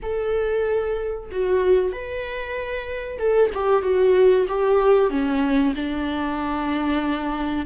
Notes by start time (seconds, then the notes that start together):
0.02 A4
1.31 F#4
1.92 B4
3.18 A4
3.54 G4
3.82 F#4
4.48 G4
5.09 C#4
5.75 D4